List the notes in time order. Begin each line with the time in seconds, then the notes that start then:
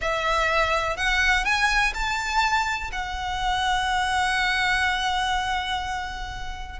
0.01 E5
0.97 F#5
1.44 G#5
1.94 A5
2.92 F#5